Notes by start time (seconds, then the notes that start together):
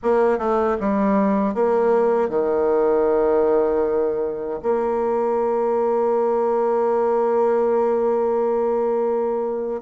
0.02 A#3
0.38 A3
0.79 G3
1.54 A#3
2.29 D#3
4.62 A#3